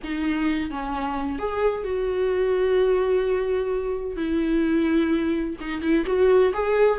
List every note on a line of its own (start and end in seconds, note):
0.03 0.70 D#4
0.70 1.38 C#4
1.38 1.84 G#4
1.84 4.16 F#4
4.16 5.56 E4
5.60 5.81 D#4
5.81 6.04 E4
6.06 6.52 F#4
6.53 6.99 G#4